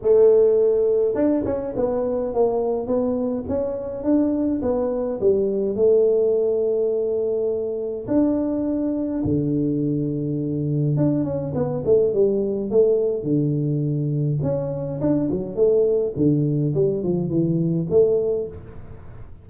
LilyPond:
\new Staff \with { instrumentName = "tuba" } { \time 4/4 \tempo 4 = 104 a2 d'8 cis'8 b4 | ais4 b4 cis'4 d'4 | b4 g4 a2~ | a2 d'2 |
d2. d'8 cis'8 | b8 a8 g4 a4 d4~ | d4 cis'4 d'8 fis8 a4 | d4 g8 f8 e4 a4 | }